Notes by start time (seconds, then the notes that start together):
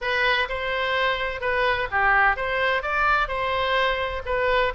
0.01 B4
0.48 C5
1.40 B4
1.91 G4
2.36 C5
2.82 D5
3.28 C5
4.25 B4